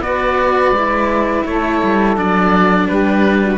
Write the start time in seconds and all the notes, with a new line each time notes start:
0.00 B3 F#4 B4 D5
0.71 G#3 E4
1.45 A3 A4 C#5
1.83 G3
2.16 F#3 D4 D5
2.88 G3 G4 B4
3.42 F#4